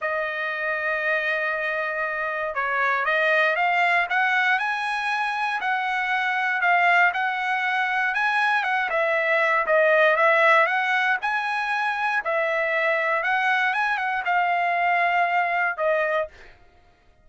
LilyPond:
\new Staff \with { instrumentName = "trumpet" } { \time 4/4 \tempo 4 = 118 dis''1~ | dis''4 cis''4 dis''4 f''4 | fis''4 gis''2 fis''4~ | fis''4 f''4 fis''2 |
gis''4 fis''8 e''4. dis''4 | e''4 fis''4 gis''2 | e''2 fis''4 gis''8 fis''8 | f''2. dis''4 | }